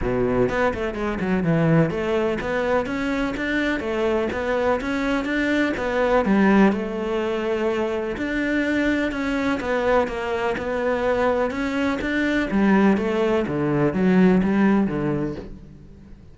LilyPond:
\new Staff \with { instrumentName = "cello" } { \time 4/4 \tempo 4 = 125 b,4 b8 a8 gis8 fis8 e4 | a4 b4 cis'4 d'4 | a4 b4 cis'4 d'4 | b4 g4 a2~ |
a4 d'2 cis'4 | b4 ais4 b2 | cis'4 d'4 g4 a4 | d4 fis4 g4 d4 | }